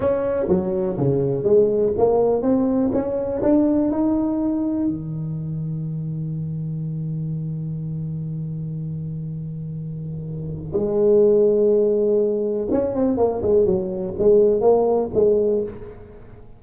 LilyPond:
\new Staff \with { instrumentName = "tuba" } { \time 4/4 \tempo 4 = 123 cis'4 fis4 cis4 gis4 | ais4 c'4 cis'4 d'4 | dis'2 dis2~ | dis1~ |
dis1~ | dis2 gis2~ | gis2 cis'8 c'8 ais8 gis8 | fis4 gis4 ais4 gis4 | }